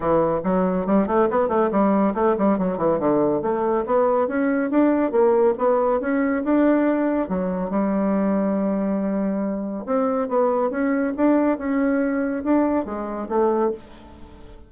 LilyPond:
\new Staff \with { instrumentName = "bassoon" } { \time 4/4 \tempo 4 = 140 e4 fis4 g8 a8 b8 a8 | g4 a8 g8 fis8 e8 d4 | a4 b4 cis'4 d'4 | ais4 b4 cis'4 d'4~ |
d'4 fis4 g2~ | g2. c'4 | b4 cis'4 d'4 cis'4~ | cis'4 d'4 gis4 a4 | }